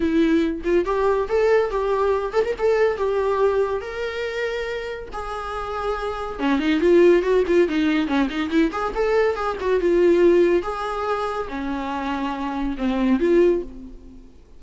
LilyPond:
\new Staff \with { instrumentName = "viola" } { \time 4/4 \tempo 4 = 141 e'4. f'8 g'4 a'4 | g'4. a'16 ais'16 a'4 g'4~ | g'4 ais'2. | gis'2. cis'8 dis'8 |
f'4 fis'8 f'8 dis'4 cis'8 dis'8 | e'8 gis'8 a'4 gis'8 fis'8 f'4~ | f'4 gis'2 cis'4~ | cis'2 c'4 f'4 | }